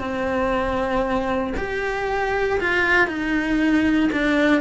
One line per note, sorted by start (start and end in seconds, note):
0.00 1.54 C4
1.57 2.60 G4
2.61 3.08 F4
3.08 4.10 D#4
4.13 4.61 D4